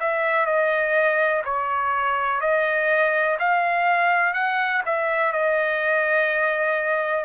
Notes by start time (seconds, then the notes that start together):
0.00 E5
0.46 D#5
1.45 C#5
2.41 D#5
3.39 F5
4.34 F#5
4.86 E5
5.32 D#5